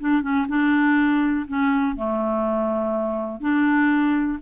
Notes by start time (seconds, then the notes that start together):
0.00 D4
0.22 C#4
0.48 D4
1.48 C#4
1.96 A3
3.40 D4